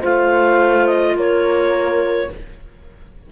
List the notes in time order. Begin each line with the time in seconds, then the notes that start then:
0.00 A3 F4 C5 F5
0.87 D#5
1.16 A#3 A#4 C#5